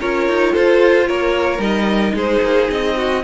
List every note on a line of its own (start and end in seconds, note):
0.00 0.29 C#4
0.00 1.59 F4
0.00 0.53 A#4
0.00 0.55 C#5
0.29 0.56 D#4
0.53 1.10 F4
0.53 1.07 A4
0.53 1.08 C5
1.07 1.59 A#3
1.07 2.14 A#4
1.07 1.61 C#5
1.59 2.13 G3
1.59 3.21 D#4
1.59 2.15 D#5
2.14 2.41 G#3
2.14 2.95 G#4
2.14 2.71 C5
2.42 2.69 A#3
2.71 3.24 C4
2.71 3.24 D#5
2.97 3.24 F#4